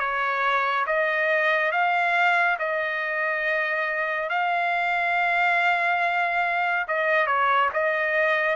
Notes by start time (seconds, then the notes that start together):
0.00 C#5
0.87 D#5
1.72 F5
2.59 D#5
4.30 F5
6.88 D#5
7.27 C#5
7.74 D#5